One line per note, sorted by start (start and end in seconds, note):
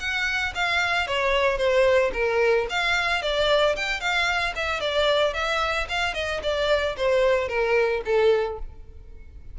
0.00 0.54 F#5
0.55 1.07 F5
1.07 1.58 C#5
1.58 2.12 C5
2.14 2.67 A#4
2.70 3.22 F5
3.22 3.76 D5
3.76 4.01 G5
4.01 4.54 F5
4.56 4.81 E5
4.81 5.34 D5
5.34 5.88 E5
5.89 6.14 F5
6.14 6.41 D#5
6.43 6.97 D5
6.97 7.49 C5
7.49 8.02 A#4
8.06 8.59 A4